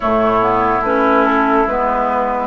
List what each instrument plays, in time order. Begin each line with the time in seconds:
0.00 bassoon A2, clarinet A3, oboe E4, flute C#5
0.41 clarinet B3
0.81 bassoon A3, clarinet C#4, flute B4
1.25 flute A4
1.66 bassoon G#3, clarinet B3, flute B4